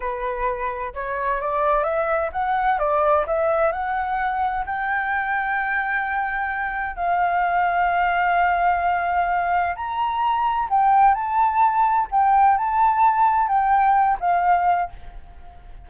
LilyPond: \new Staff \with { instrumentName = "flute" } { \time 4/4 \tempo 4 = 129 b'2 cis''4 d''4 | e''4 fis''4 d''4 e''4 | fis''2 g''2~ | g''2. f''4~ |
f''1~ | f''4 ais''2 g''4 | a''2 g''4 a''4~ | a''4 g''4. f''4. | }